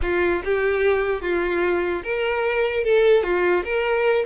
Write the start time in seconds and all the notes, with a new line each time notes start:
0.01 F4
0.44 G4
1.21 F4
2.03 A#4
2.84 A4
3.23 F4
3.64 A#4